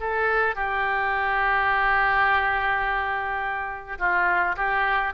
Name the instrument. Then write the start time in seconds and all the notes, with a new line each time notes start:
oboe
0.00 A4
0.55 G4
3.98 F4
4.56 G4